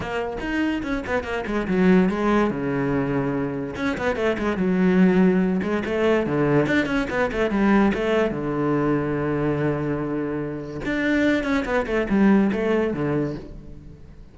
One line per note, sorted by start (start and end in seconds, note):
0.00 0.37 A#3
0.40 0.82 D#4
0.82 1.03 C#4
1.06 1.23 B3
1.23 1.44 A#3
1.46 1.67 G#3
1.67 2.09 F#3
2.09 2.50 G#3
2.50 3.75 C#3
3.76 3.97 C#4
3.97 4.16 B3
4.16 4.36 A3
4.38 4.56 G#3
4.56 5.60 F#3
5.62 5.83 G#3
5.85 6.26 A3
6.26 6.66 D3
6.66 6.86 D4
6.86 7.07 C#4
7.10 7.30 B3
7.31 7.50 A3
7.50 7.91 G3
7.93 8.30 A3
8.30 10.80 D3
10.85 11.43 D4
11.43 11.64 C#4
11.65 11.86 B3
11.86 12.07 A3
12.09 12.51 G3
12.52 12.93 A3
12.93 13.35 D3